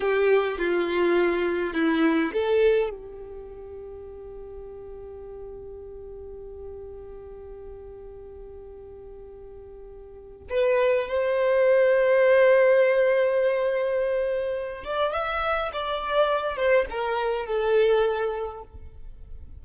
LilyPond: \new Staff \with { instrumentName = "violin" } { \time 4/4 \tempo 4 = 103 g'4 f'2 e'4 | a'4 g'2.~ | g'1~ | g'1~ |
g'2 b'4 c''4~ | c''1~ | c''4. d''8 e''4 d''4~ | d''8 c''8 ais'4 a'2 | }